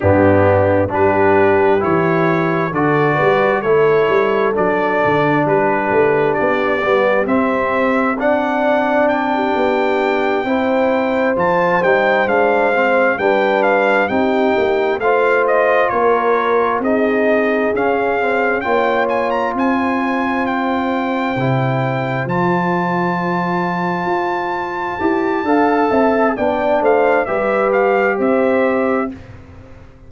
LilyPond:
<<
  \new Staff \with { instrumentName = "trumpet" } { \time 4/4 \tempo 4 = 66 g'4 b'4 cis''4 d''4 | cis''4 d''4 b'4 d''4 | e''4 fis''4 g''2~ | g''8 a''8 g''8 f''4 g''8 f''8 g''8~ |
g''8 f''8 dis''8 cis''4 dis''4 f''8~ | f''8 g''8 gis''16 ais''16 gis''4 g''4.~ | g''8 a''2.~ a''8~ | a''4 g''8 f''8 e''8 f''8 e''4 | }
  \new Staff \with { instrumentName = "horn" } { \time 4/4 d'4 g'2 a'8 b'8 | a'2 g'2~ | g'4 d''4~ d''16 g'4~ g'16 c''8~ | c''2~ c''8 b'4 g'8~ |
g'8 c''4 ais'4 gis'4.~ | gis'8 cis''4 c''2~ c''8~ | c''1 | f''8 e''8 d''8 c''8 b'4 c''4 | }
  \new Staff \with { instrumentName = "trombone" } { \time 4/4 b4 d'4 e'4 fis'4 | e'4 d'2~ d'8 b8 | c'4 d'2~ d'8 e'8~ | e'8 f'8 dis'8 d'8 c'8 d'4 dis'8~ |
dis'8 f'2 dis'4 cis'8 | c'8 f'2. e'8~ | e'8 f'2. g'8 | a'4 d'4 g'2 | }
  \new Staff \with { instrumentName = "tuba" } { \time 4/4 g,4 g4 e4 d8 g8 | a8 g8 fis8 d8 g8 a8 b8 g8 | c'2~ c'8 b4 c'8~ | c'8 f8 g8 gis4 g4 c'8 |
ais8 a4 ais4 c'4 cis'8~ | cis'8 ais4 c'2 c8~ | c8 f2 f'4 e'8 | d'8 c'8 b8 a8 g4 c'4 | }
>>